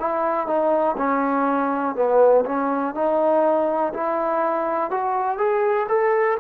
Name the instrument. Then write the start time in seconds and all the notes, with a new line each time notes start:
trombone
0.00 E4
0.47 D#4
0.97 C#4
1.95 B3
2.45 C#4
2.95 D#4
3.94 E4
4.90 F#4
5.38 G#4
5.89 A4